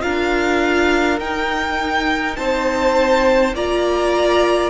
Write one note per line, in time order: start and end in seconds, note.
0.00 1.19 D4
0.00 1.18 F4
0.00 2.37 A#4
0.00 1.19 F5
1.19 2.37 D#4
1.19 3.55 D#4
1.19 2.36 G5
2.36 3.53 C4
2.36 3.55 C5
2.36 3.53 A5
3.53 4.70 A#3
3.53 4.70 F4
3.53 4.70 D5
3.53 4.70 A#5